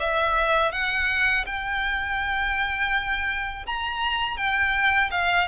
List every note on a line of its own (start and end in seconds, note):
0.00 0.72 E5
0.72 1.45 F#5
1.46 3.66 G5
3.66 4.37 A#5
4.37 5.10 G5
5.11 5.48 F5